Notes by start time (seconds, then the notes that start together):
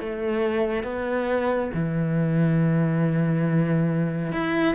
0.00 A3
0.84 B3
1.74 E3
4.32 E4